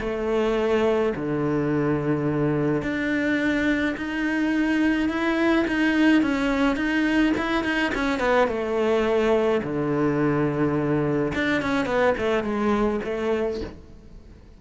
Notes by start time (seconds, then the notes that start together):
0.00 A3
1.16 D3
2.83 D4
3.97 D#4
5.09 E4
5.68 D#4
6.22 C#4
6.76 D#4
7.38 E4
7.64 D#4
7.95 C#4
8.20 B3
8.48 A3
9.63 D3
11.35 D4
11.62 C#4
11.86 B3
12.18 A3
12.44 G#3
13.04 A3